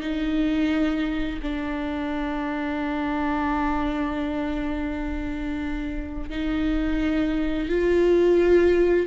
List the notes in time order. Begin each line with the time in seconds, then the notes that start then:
0.00 D#4
1.42 D4
6.29 D#4
7.69 F4